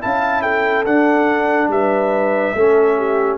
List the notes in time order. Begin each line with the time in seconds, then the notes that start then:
0.00 C#4 E4 F5 A5
0.42 A4 G5
0.85 D4 F#5
1.67 G3 B4 E5
2.54 A3 C#4 A4
2.97 G4